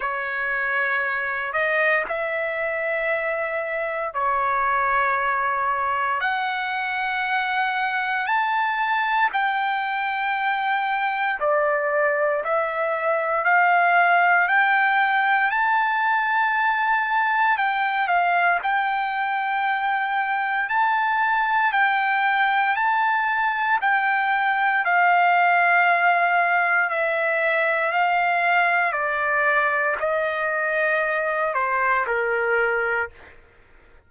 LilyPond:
\new Staff \with { instrumentName = "trumpet" } { \time 4/4 \tempo 4 = 58 cis''4. dis''8 e''2 | cis''2 fis''2 | a''4 g''2 d''4 | e''4 f''4 g''4 a''4~ |
a''4 g''8 f''8 g''2 | a''4 g''4 a''4 g''4 | f''2 e''4 f''4 | d''4 dis''4. c''8 ais'4 | }